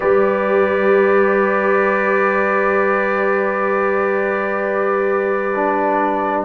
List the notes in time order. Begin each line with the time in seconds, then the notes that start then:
0.00 G3 G4 B4 D5
5.55 D4